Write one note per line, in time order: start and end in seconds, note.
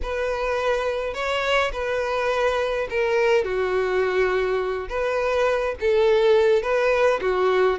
0.02 1.14 B4
1.14 1.71 C#5
1.72 2.87 B4
2.90 3.44 A#4
3.44 4.88 F#4
4.89 5.75 B4
5.80 6.62 A4
6.62 7.20 B4
7.21 7.78 F#4